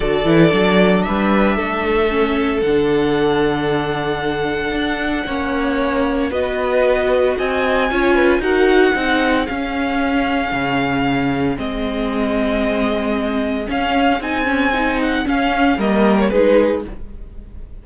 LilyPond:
<<
  \new Staff \with { instrumentName = "violin" } { \time 4/4 \tempo 4 = 114 d''2 e''2~ | e''4 fis''2.~ | fis''1 | dis''2 gis''2 |
fis''2 f''2~ | f''2 dis''2~ | dis''2 f''4 gis''4~ | gis''8 fis''8 f''4 dis''8. cis''16 b'4 | }
  \new Staff \with { instrumentName = "violin" } { \time 4/4 a'2 b'4 a'4~ | a'1~ | a'2 cis''2 | b'2 dis''4 cis''8 b'8 |
ais'4 gis'2.~ | gis'1~ | gis'1~ | gis'2 ais'4 gis'4 | }
  \new Staff \with { instrumentName = "viola" } { \time 4/4 fis'8 e'8 d'2. | cis'4 d'2.~ | d'2 cis'2 | fis'2. f'4 |
fis'4 dis'4 cis'2~ | cis'2 c'2~ | c'2 cis'4 dis'8 cis'8 | dis'4 cis'4 ais4 dis'4 | }
  \new Staff \with { instrumentName = "cello" } { \time 4/4 d8 e8 fis4 g4 a4~ | a4 d2.~ | d4 d'4 ais2 | b2 c'4 cis'4 |
dis'4 c'4 cis'2 | cis2 gis2~ | gis2 cis'4 c'4~ | c'4 cis'4 g4 gis4 | }
>>